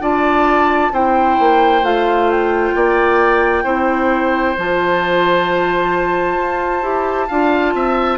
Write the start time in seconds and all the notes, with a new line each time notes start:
0.00 D4 F4 D5 A5
0.93 C4 E4 C5 G5
1.40 A#3
1.83 A3 F4 F5
2.31 G5
2.76 A#3 D5
3.64 C4 E4 C5
4.57 F3 F4 A5
6.38 F4
6.82 E4 G4
7.28 D4 F4 F5
7.74 C4 E5